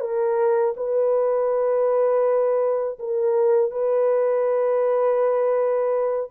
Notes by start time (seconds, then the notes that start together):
0.00 A#4
0.76 B4
2.99 A#4
3.71 B4